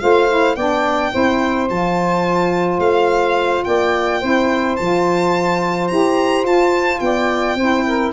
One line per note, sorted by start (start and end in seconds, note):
0.00 0.56 A3
0.00 0.28 F4
0.00 0.56 C5
0.00 0.56 F5
0.28 0.56 E4
0.56 1.12 B3
0.56 1.12 D4
0.56 1.12 D5
0.56 1.68 G5
1.12 1.70 C4
1.12 1.68 E4
1.12 3.65 C5
1.70 2.79 F3
1.70 4.22 F4
1.70 2.80 A5
2.79 3.63 A3
2.79 3.64 F5
3.64 4.23 A#3
3.64 4.20 D5
3.64 4.76 G5
4.20 4.79 C4
4.20 4.78 E4
4.20 7.00 C5
4.76 5.91 F3
4.76 5.90 F4
4.76 5.88 A5
5.88 6.44 E4
5.88 6.45 G4
5.88 6.44 A#5
6.44 7.00 F4
6.44 7.57 F4
6.44 7.00 A5
7.00 7.55 B3
7.00 7.57 D5
7.00 8.12 G5
7.55 8.11 C4
7.55 8.13 E4
7.55 7.85 C5
7.86 8.13 A#4